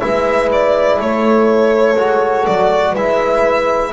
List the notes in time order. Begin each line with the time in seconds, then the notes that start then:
0.00 G#3 E4 B4 E5
0.52 D5
1.00 A3 A4 C#5
1.97 G#3 F#4
2.46 F#3 D5
2.92 G#3 E4 B4 E5